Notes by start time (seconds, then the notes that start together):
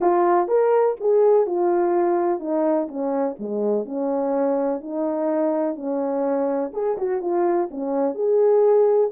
0.00 F4
0.48 A#4
1.00 G#4
1.46 F4
2.39 D#4
2.88 C#4
3.39 G#3
3.85 C#4
4.80 D#4
5.75 C#4
6.73 G#4
6.97 F#4
7.21 F4
7.71 C#4
8.14 G#4